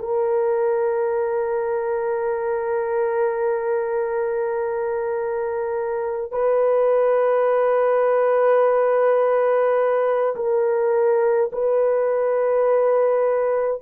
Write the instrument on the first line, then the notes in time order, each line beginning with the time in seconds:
horn
0.00 A#4
6.32 B4
10.36 A#4
11.53 B4